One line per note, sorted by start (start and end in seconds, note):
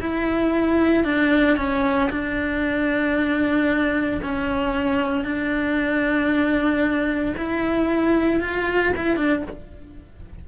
0.00 1.04 E4
1.04 1.56 D4
1.56 2.09 C#4
2.10 4.20 D4
4.22 5.24 C#4
5.24 7.34 D4
7.37 8.40 E4
8.40 8.92 F4
8.96 9.16 E4
9.16 9.42 D4